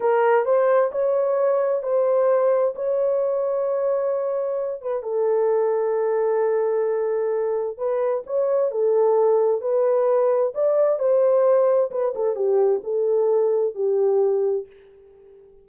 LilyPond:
\new Staff \with { instrumentName = "horn" } { \time 4/4 \tempo 4 = 131 ais'4 c''4 cis''2 | c''2 cis''2~ | cis''2~ cis''8 b'8 a'4~ | a'1~ |
a'4 b'4 cis''4 a'4~ | a'4 b'2 d''4 | c''2 b'8 a'8 g'4 | a'2 g'2 | }